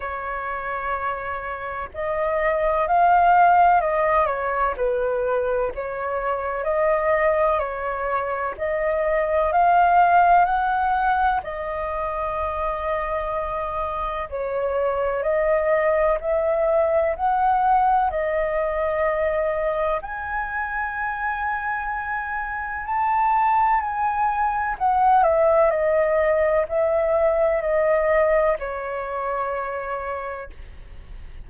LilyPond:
\new Staff \with { instrumentName = "flute" } { \time 4/4 \tempo 4 = 63 cis''2 dis''4 f''4 | dis''8 cis''8 b'4 cis''4 dis''4 | cis''4 dis''4 f''4 fis''4 | dis''2. cis''4 |
dis''4 e''4 fis''4 dis''4~ | dis''4 gis''2. | a''4 gis''4 fis''8 e''8 dis''4 | e''4 dis''4 cis''2 | }